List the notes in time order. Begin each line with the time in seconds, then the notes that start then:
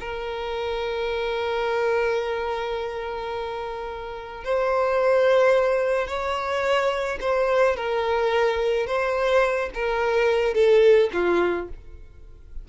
0.00 A#4
4.44 C5
6.07 C#5
7.20 C5
7.76 A#4
8.86 C5
9.74 A#4
10.54 A4
11.13 F4